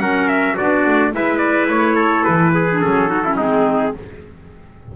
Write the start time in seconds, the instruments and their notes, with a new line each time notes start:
0.00 double bass F#3, clarinet C#4, trumpet A#4 F#5
0.28 trumpet E5
0.54 trumpet F#4 D5
0.60 double bass B3, clarinet D4
0.86 double bass A3
1.13 double bass G#3, clarinet E4, trumpet B4 E5
1.38 trumpet D5
1.68 double bass A3, trumpet C#5
1.95 trumpet A4
2.24 double bass E3, trumpet B4
2.54 trumpet G#4
2.72 clarinet D4
2.81 double bass F#3, clarinet C#4, trumpet A4
3.07 clarinet D#4, trumpet F#4
3.24 clarinet C#4, trumpet E4
3.37 double bass G#3, clarinet C4, trumpet D#4 G#4